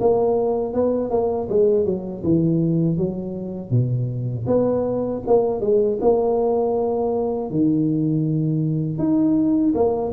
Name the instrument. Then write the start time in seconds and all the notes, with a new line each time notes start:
tuba
0.00 A#3
0.74 B3
1.10 A#3
1.49 G#3
1.85 F#3
2.24 E3
2.97 F#3
3.70 B2
4.47 B3
5.27 A#3
5.61 G#3
6.01 A#3
7.50 D#3
8.98 D#4
9.75 A#3